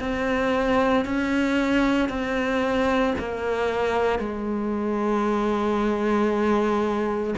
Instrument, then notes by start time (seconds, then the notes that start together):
cello
0.00 C4
1.05 C#4
2.09 C4
3.19 A#3
4.19 G#3